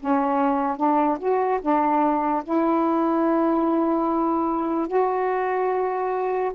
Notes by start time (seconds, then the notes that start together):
0.00 C#4
0.77 D4
1.19 F#4
1.61 D4
2.44 E4
4.88 F#4